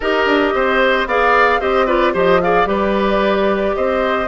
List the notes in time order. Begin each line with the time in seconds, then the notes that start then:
0.00 D#4 G4 A#4 D#5
0.26 D4
0.54 C4 C5
1.05 B3 G#4 D5 F5
1.60 C4 G4 C5 D#5
1.86 F4 B4 D5
2.13 F3 G4 C5 D#5
2.41 G#4 D5 F5
2.65 G3 G4 B4 D5
3.75 C4 C5 D#5